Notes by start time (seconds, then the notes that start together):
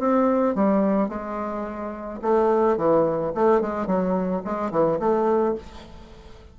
0.00 C4
0.55 G3
1.09 G#3
2.22 A3
2.77 E3
3.35 A3
3.61 G#3
3.87 F#3
4.45 G#3
4.71 E3
5.00 A3